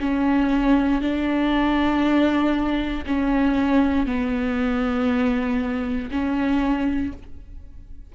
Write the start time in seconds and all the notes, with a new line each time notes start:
0.00 C#4
1.02 D4
3.06 C#4
4.06 B3
6.11 C#4